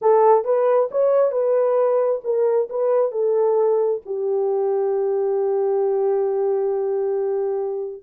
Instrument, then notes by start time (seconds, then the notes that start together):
horn
0.01 A4
0.44 B4
0.91 C#5
1.31 B4
2.24 A#4
2.69 B4
3.11 A4
4.05 G4